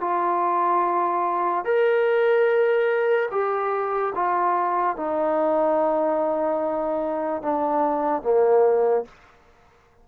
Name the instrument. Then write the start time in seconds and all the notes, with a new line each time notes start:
trombone
0.00 F4
1.65 A#4
3.31 G4
4.15 F4
4.96 D#4
7.42 D4
8.22 A#3